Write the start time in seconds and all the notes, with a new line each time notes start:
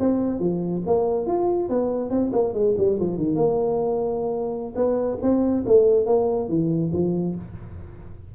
0.00 C4
0.40 F3
0.87 A#3
1.27 F4
1.70 B3
2.10 C4
2.33 A#3
2.54 G#3
2.78 G3
3.00 F3
3.18 D#3
3.36 A#3
4.76 B3
5.22 C4
5.66 A3
6.07 A#3
6.49 E3
6.93 F3